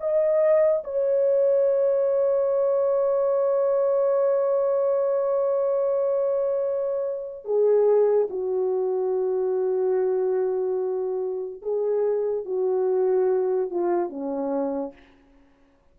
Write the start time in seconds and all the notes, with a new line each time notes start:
0.00 D#5
0.84 C#5
7.45 G#4
8.30 F#4
11.62 G#4
12.45 F#4
13.70 F4
14.09 C#4